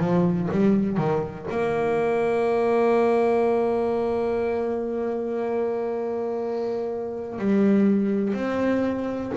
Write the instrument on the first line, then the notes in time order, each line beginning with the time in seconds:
double bass
0.00 F3
0.52 G3
0.97 D#3
1.51 A#3
7.39 G3
8.34 C4